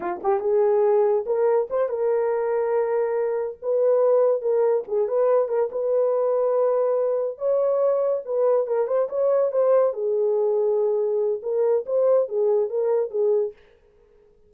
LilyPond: \new Staff \with { instrumentName = "horn" } { \time 4/4 \tempo 4 = 142 f'8 g'8 gis'2 ais'4 | c''8 ais'2.~ ais'8~ | ais'8 b'2 ais'4 gis'8 | b'4 ais'8 b'2~ b'8~ |
b'4. cis''2 b'8~ | b'8 ais'8 c''8 cis''4 c''4 gis'8~ | gis'2. ais'4 | c''4 gis'4 ais'4 gis'4 | }